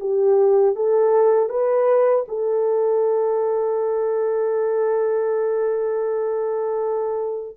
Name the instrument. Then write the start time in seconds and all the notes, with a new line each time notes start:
horn
0.00 G4
0.76 A4
1.49 B4
2.28 A4